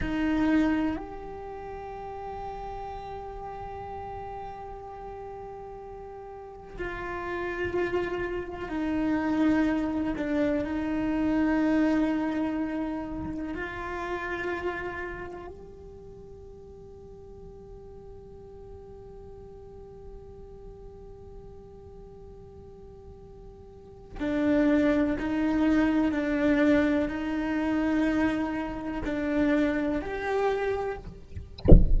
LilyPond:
\new Staff \with { instrumentName = "cello" } { \time 4/4 \tempo 4 = 62 dis'4 g'2.~ | g'2. f'4~ | f'4 dis'4. d'8 dis'4~ | dis'2 f'2 |
g'1~ | g'1~ | g'4 d'4 dis'4 d'4 | dis'2 d'4 g'4 | }